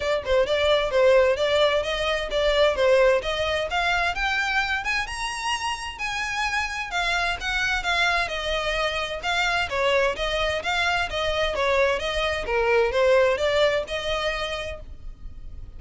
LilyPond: \new Staff \with { instrumentName = "violin" } { \time 4/4 \tempo 4 = 130 d''8 c''8 d''4 c''4 d''4 | dis''4 d''4 c''4 dis''4 | f''4 g''4. gis''8 ais''4~ | ais''4 gis''2 f''4 |
fis''4 f''4 dis''2 | f''4 cis''4 dis''4 f''4 | dis''4 cis''4 dis''4 ais'4 | c''4 d''4 dis''2 | }